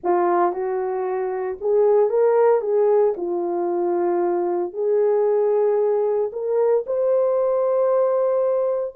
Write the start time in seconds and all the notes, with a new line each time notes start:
0.03 F4
0.52 F#4
1.61 G#4
2.09 A#4
2.61 G#4
3.16 F4
4.73 G#4
6.32 A#4
6.86 C5